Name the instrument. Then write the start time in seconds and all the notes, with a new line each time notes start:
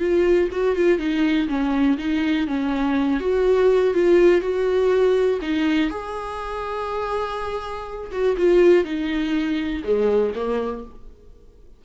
viola
0.00 F4
0.52 F#4
0.76 F4
0.99 D#4
1.49 C#4
1.99 D#4
2.47 C#4
3.20 F#4
3.94 F4
4.42 F#4
5.42 D#4
5.90 G#4
8.12 F#4
8.37 F4
8.85 D#4
9.84 G#3
10.35 A#3